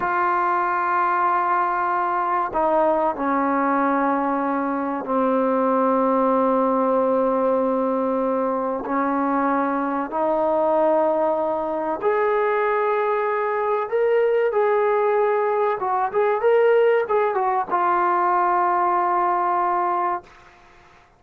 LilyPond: \new Staff \with { instrumentName = "trombone" } { \time 4/4 \tempo 4 = 95 f'1 | dis'4 cis'2. | c'1~ | c'2 cis'2 |
dis'2. gis'4~ | gis'2 ais'4 gis'4~ | gis'4 fis'8 gis'8 ais'4 gis'8 fis'8 | f'1 | }